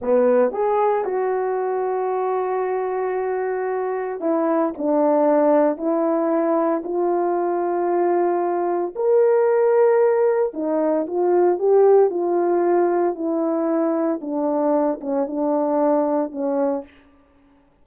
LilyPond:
\new Staff \with { instrumentName = "horn" } { \time 4/4 \tempo 4 = 114 b4 gis'4 fis'2~ | fis'1 | e'4 d'2 e'4~ | e'4 f'2.~ |
f'4 ais'2. | dis'4 f'4 g'4 f'4~ | f'4 e'2 d'4~ | d'8 cis'8 d'2 cis'4 | }